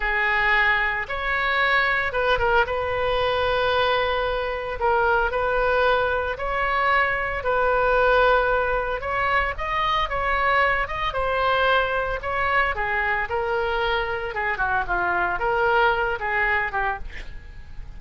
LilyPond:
\new Staff \with { instrumentName = "oboe" } { \time 4/4 \tempo 4 = 113 gis'2 cis''2 | b'8 ais'8 b'2.~ | b'4 ais'4 b'2 | cis''2 b'2~ |
b'4 cis''4 dis''4 cis''4~ | cis''8 dis''8 c''2 cis''4 | gis'4 ais'2 gis'8 fis'8 | f'4 ais'4. gis'4 g'8 | }